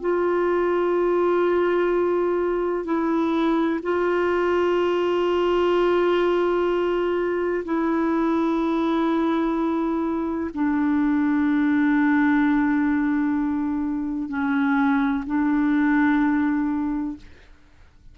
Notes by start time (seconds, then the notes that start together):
0.00 F4
2.84 E4
3.82 F4
7.65 E4
10.54 D4
14.28 C#4
15.26 D4